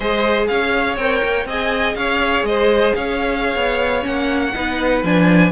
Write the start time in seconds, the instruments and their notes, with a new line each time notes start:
0.00 cello G#3, viola G#4, violin C5 D#5
0.47 cello C#4, violin C#5 F5
0.97 cello C4, viola A#4, violin G5
1.23 cello A#3
1.45 cello C4, viola G#4, violin D#5 G#5
1.95 cello C#4, violin C#5 F5
2.43 cello G#3, violin C5 D#5
2.95 cello C#4, violin C#5 F5
3.55 cello B3
4.02 cello A#3, viola C#4, violin F#5
4.54 cello B3, viola D#4, violin B4
5.03 cello F3, viola D4, violin G#5